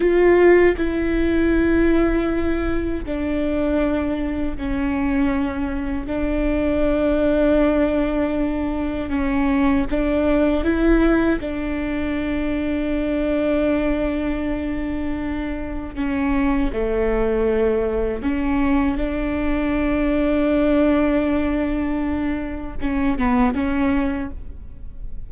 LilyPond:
\new Staff \with { instrumentName = "viola" } { \time 4/4 \tempo 4 = 79 f'4 e'2. | d'2 cis'2 | d'1 | cis'4 d'4 e'4 d'4~ |
d'1~ | d'4 cis'4 a2 | cis'4 d'2.~ | d'2 cis'8 b8 cis'4 | }